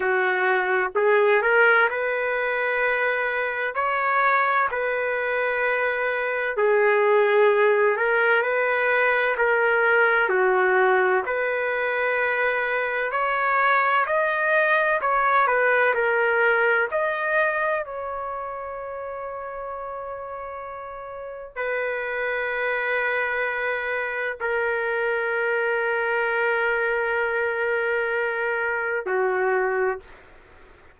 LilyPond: \new Staff \with { instrumentName = "trumpet" } { \time 4/4 \tempo 4 = 64 fis'4 gis'8 ais'8 b'2 | cis''4 b'2 gis'4~ | gis'8 ais'8 b'4 ais'4 fis'4 | b'2 cis''4 dis''4 |
cis''8 b'8 ais'4 dis''4 cis''4~ | cis''2. b'4~ | b'2 ais'2~ | ais'2. fis'4 | }